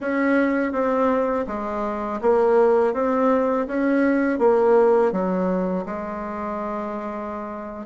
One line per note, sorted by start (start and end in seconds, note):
0.00 0.72 C#4
0.72 1.45 C4
1.47 2.20 G#3
2.21 2.93 A#3
2.93 3.67 C4
3.67 4.39 C#4
4.39 5.12 A#3
5.12 5.85 F#3
5.85 7.86 G#3